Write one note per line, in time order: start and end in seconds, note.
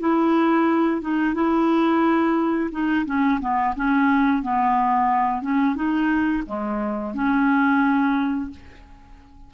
0.00 1.02 E4
1.02 1.35 D#4
1.35 2.71 E4
2.72 3.06 D#4
3.06 3.40 C#4
3.41 3.75 B3
3.76 4.43 C#4
4.43 5.42 B3
5.42 5.76 C#4
5.76 6.44 D#4
6.47 7.15 G#3
7.15 8.51 C#4